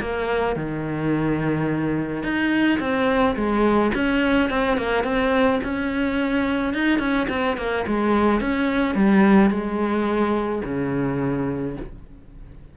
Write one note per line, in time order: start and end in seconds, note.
0.00 0.56 A#3
0.56 2.23 D#3
2.23 2.79 D#4
2.79 3.35 C4
3.35 3.92 G#3
3.94 4.50 C#4
4.50 4.77 C4
4.77 5.04 A#3
5.04 5.60 C4
5.63 6.73 C#4
6.73 6.99 D#4
6.99 7.27 C#4
7.29 7.57 C4
7.57 7.85 A#3
7.87 8.40 G#3
8.40 8.95 C#4
8.95 9.50 G3
9.50 10.62 G#3
10.64 11.76 C#3